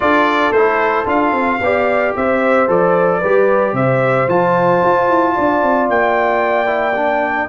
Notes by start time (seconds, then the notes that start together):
0.00 D4 F4 A4 D5
0.51 A3 E4 C5
1.05 D4 F4 F5
1.32 C4
1.60 B3 G4 D5
2.15 C4 C5 E5
2.67 F3 A4 D5
3.19 G3 G4 B4
3.73 C3 C5 E5
4.28 F3 F4 A5
4.83 F4
5.09 E4
5.34 D4 D5
5.62 C4
5.89 A#3 G5
6.65 E4
6.95 D4